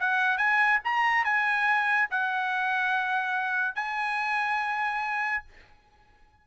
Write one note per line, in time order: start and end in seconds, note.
0.00 0.38 F#5
0.38 0.80 G#5
0.85 1.25 A#5
1.25 2.09 G#5
2.11 3.75 F#5
3.75 5.44 G#5